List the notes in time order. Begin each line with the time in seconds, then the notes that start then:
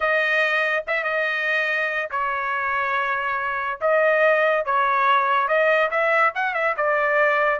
0.00 D#5
0.87 E5
1.03 D#5
2.10 C#5
3.80 D#5
4.65 C#5
5.48 D#5
5.90 E5
6.34 F#5
6.54 E5
6.76 D5